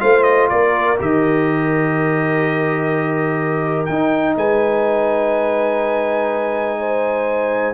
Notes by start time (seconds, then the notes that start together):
0.00 A3 F4 C5 F5
0.23 D#5
0.49 A#3 A#4 D5
0.98 D#3 G4 D#5
3.86 D#4 G5
4.36 G#3 B4 G#5
6.80 C5